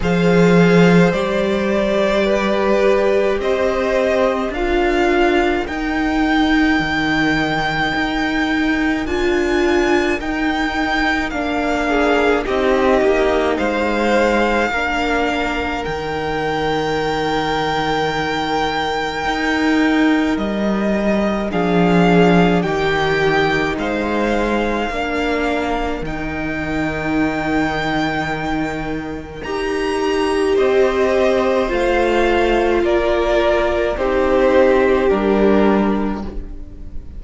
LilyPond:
<<
  \new Staff \with { instrumentName = "violin" } { \time 4/4 \tempo 4 = 53 f''4 d''2 dis''4 | f''4 g''2. | gis''4 g''4 f''4 dis''4 | f''2 g''2~ |
g''2 dis''4 f''4 | g''4 f''2 g''4~ | g''2 ais''4 dis''4 | f''4 d''4 c''4 ais'4 | }
  \new Staff \with { instrumentName = "violin" } { \time 4/4 c''2 b'4 c''4 | ais'1~ | ais'2~ ais'8 gis'8 g'4 | c''4 ais'2.~ |
ais'2. gis'4 | g'4 c''4 ais'2~ | ais'2. c''4~ | c''4 ais'4 g'2 | }
  \new Staff \with { instrumentName = "viola" } { \time 4/4 gis'4 g'2. | f'4 dis'2. | f'4 dis'4 d'4 dis'4~ | dis'4 d'4 dis'2~ |
dis'2. d'4 | dis'2 d'4 dis'4~ | dis'2 g'2 | f'2 dis'4 d'4 | }
  \new Staff \with { instrumentName = "cello" } { \time 4/4 f4 g2 c'4 | d'4 dis'4 dis4 dis'4 | d'4 dis'4 ais4 c'8 ais8 | gis4 ais4 dis2~ |
dis4 dis'4 g4 f4 | dis4 gis4 ais4 dis4~ | dis2 dis'4 c'4 | a4 ais4 c'4 g4 | }
>>